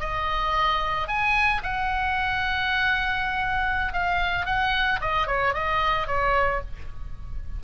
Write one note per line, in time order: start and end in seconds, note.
0.00 1.08 D#5
1.08 1.62 G#5
1.63 3.93 F#5
3.93 4.46 F5
4.46 5.00 F#5
5.01 5.27 D#5
5.27 5.54 C#5
5.54 6.07 D#5
6.07 6.61 C#5